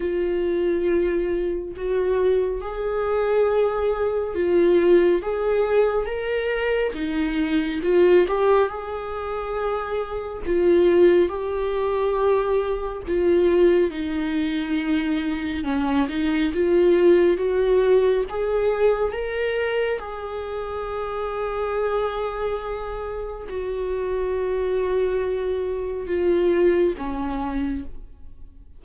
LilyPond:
\new Staff \with { instrumentName = "viola" } { \time 4/4 \tempo 4 = 69 f'2 fis'4 gis'4~ | gis'4 f'4 gis'4 ais'4 | dis'4 f'8 g'8 gis'2 | f'4 g'2 f'4 |
dis'2 cis'8 dis'8 f'4 | fis'4 gis'4 ais'4 gis'4~ | gis'2. fis'4~ | fis'2 f'4 cis'4 | }